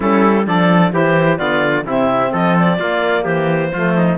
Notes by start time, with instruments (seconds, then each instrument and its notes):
0.00 cello G3, saxophone C#4, trumpet E4, clarinet A4
0.45 cello F3, saxophone D4, trumpet A4, clarinet D5
0.91 cello E3, saxophone E4, trumpet G4, clarinet C5
1.37 cello D3, saxophone B3, trumpet F4, clarinet D5
1.84 cello C3, saxophone C4, trumpet E4, clarinet E5
2.31 cello F3, trumpet A4, clarinet D#5
2.58 clarinet D5
2.79 cello A#3, saxophone A#3, trumpet F4
3.23 cello E3, trumpet G4, clarinet C5
3.72 cello F3, saxophone A3, trumpet F4
3.96 trumpet D#4